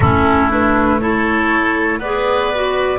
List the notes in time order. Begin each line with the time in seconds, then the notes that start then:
0.00 A3 C#4 E4 A4
0.50 D4 B4
0.99 E4 A4 C#5
1.98 B3 G#4 B4 D5
2.54 F#4